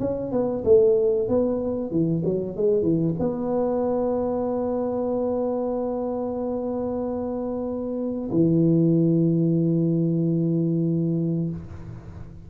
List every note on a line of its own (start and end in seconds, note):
0.00 0.32 C#4
0.32 0.64 B3
0.65 1.29 A3
1.29 1.91 B3
1.91 2.23 E3
2.25 2.57 F#3
2.57 2.83 G#3
2.83 3.15 E3
3.19 8.30 B3
8.31 11.50 E3